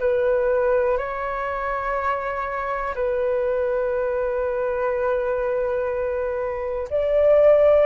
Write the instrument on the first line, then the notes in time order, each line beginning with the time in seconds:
flute
0.00 B4
0.98 C#5
2.96 B4
6.90 D5